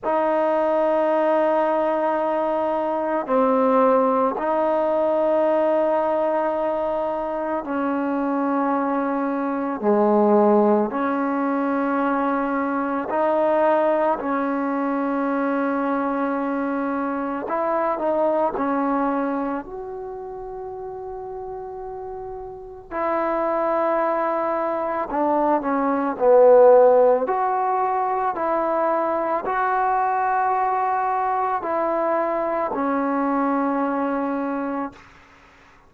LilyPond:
\new Staff \with { instrumentName = "trombone" } { \time 4/4 \tempo 4 = 55 dis'2. c'4 | dis'2. cis'4~ | cis'4 gis4 cis'2 | dis'4 cis'2. |
e'8 dis'8 cis'4 fis'2~ | fis'4 e'2 d'8 cis'8 | b4 fis'4 e'4 fis'4~ | fis'4 e'4 cis'2 | }